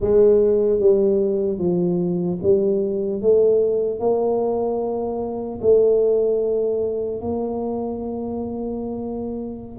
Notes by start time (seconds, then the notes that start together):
0.00 G#3
0.79 G3
1.58 F3
2.42 G3
3.21 A3
3.99 A#3
5.61 A3
7.20 A#3